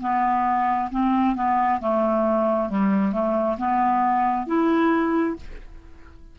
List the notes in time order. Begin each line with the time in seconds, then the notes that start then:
0.00 B3
0.91 C4
1.36 B3
1.80 A3
2.69 G3
3.12 A3
3.58 B3
4.47 E4